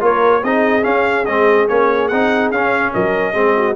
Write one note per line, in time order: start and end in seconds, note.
0.00 0.43 A#3
0.00 0.42 F4
0.00 0.43 A#4
0.00 0.44 C#5
0.43 0.84 C4
0.43 0.82 D#4
0.43 2.93 G#4
0.43 0.84 D#5
0.82 1.24 C#4
0.82 1.27 C#4
0.82 1.25 F5
1.25 1.68 G#3
1.25 1.69 C4
1.25 1.67 D#5
1.68 2.11 A#3
1.68 2.11 C#4
1.68 2.08 C#5
2.08 2.51 C4
2.08 2.54 D#4
2.08 2.50 F#5
2.51 2.92 C#4
2.51 3.34 C#4
2.51 2.93 F5
2.93 3.35 F#3
2.93 3.33 A#4
2.93 3.76 D#5
3.33 3.76 G#3
3.33 3.75 C4
3.33 3.54 G#4
3.57 3.76 F#4